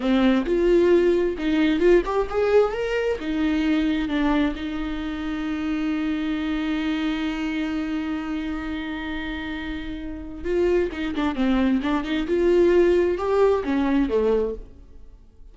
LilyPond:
\new Staff \with { instrumentName = "viola" } { \time 4/4 \tempo 4 = 132 c'4 f'2 dis'4 | f'8 g'8 gis'4 ais'4 dis'4~ | dis'4 d'4 dis'2~ | dis'1~ |
dis'1~ | dis'2. f'4 | dis'8 d'8 c'4 d'8 dis'8 f'4~ | f'4 g'4 cis'4 a4 | }